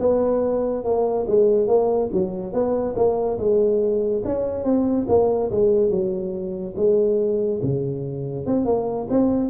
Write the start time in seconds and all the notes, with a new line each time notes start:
0.00 B3
0.84 A#3
1.27 G#3
1.67 A#3
2.13 F#3
2.53 B3
2.96 A#3
3.38 G#3
4.25 C#4
4.64 C4
5.09 A#3
5.52 G#3
5.90 F#3
6.76 G#3
7.63 C#3
8.46 C4
8.65 A#3
9.10 C4